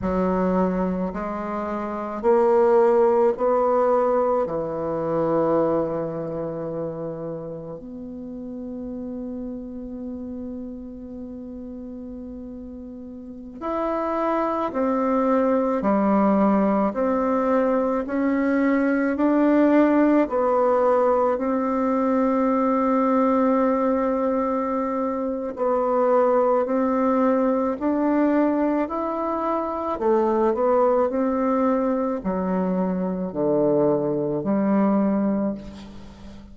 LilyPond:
\new Staff \with { instrumentName = "bassoon" } { \time 4/4 \tempo 4 = 54 fis4 gis4 ais4 b4 | e2. b4~ | b1~ | b16 e'4 c'4 g4 c'8.~ |
c'16 cis'4 d'4 b4 c'8.~ | c'2. b4 | c'4 d'4 e'4 a8 b8 | c'4 fis4 d4 g4 | }